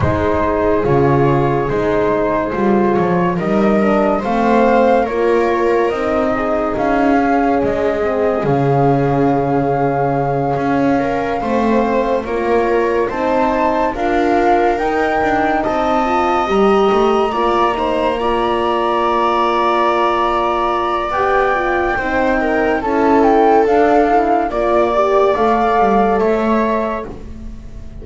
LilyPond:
<<
  \new Staff \with { instrumentName = "flute" } { \time 4/4 \tempo 4 = 71 c''4 cis''4 c''4. cis''8 | dis''4 f''4 cis''4 dis''4 | f''4 dis''4 f''2~ | f''2~ f''8 cis''4 a''8~ |
a''8 f''4 g''4 a''4 ais''8~ | ais''1~ | ais''4 g''2 a''8 g''8 | f''4 d''4 f''4 e''4 | }
  \new Staff \with { instrumentName = "viola" } { \time 4/4 gis'1 | ais'4 c''4 ais'4. gis'8~ | gis'1~ | gis'4 ais'8 c''4 ais'4 c''8~ |
c''8 ais'2 dis''4.~ | dis''8 d''8 c''8 d''2~ d''8~ | d''2 c''8 ais'8 a'4~ | a'4 d''2 cis''4 | }
  \new Staff \with { instrumentName = "horn" } { \time 4/4 dis'4 f'4 dis'4 f'4 | dis'8 d'8 c'4 f'4 dis'4~ | dis'8 cis'4 c'8 cis'2~ | cis'4. c'4 f'4 dis'8~ |
dis'8 f'4 dis'4. f'8 g'8~ | g'8 f'8 dis'8 f'2~ f'8~ | f'4 g'8 f'8 dis'4 e'4 | d'8 e'8 f'8 g'8 a'2 | }
  \new Staff \with { instrumentName = "double bass" } { \time 4/4 gis4 cis4 gis4 g8 f8 | g4 a4 ais4 c'4 | cis'4 gis4 cis2~ | cis8 cis'4 a4 ais4 c'8~ |
c'8 d'4 dis'8 d'8 c'4 g8 | a8 ais2.~ ais8~ | ais4 b4 c'4 cis'4 | d'4 ais4 a8 g8 a4 | }
>>